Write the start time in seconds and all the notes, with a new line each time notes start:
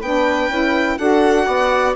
0.00 B3 D4 B4 G5
0.49 C#4 E4
0.98 D4 F#4 A4 F#5
1.46 B3 D5